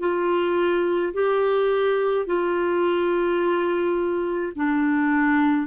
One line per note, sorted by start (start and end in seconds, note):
0.00 1.13 F4
1.14 2.26 G4
2.26 4.52 F4
4.55 5.67 D4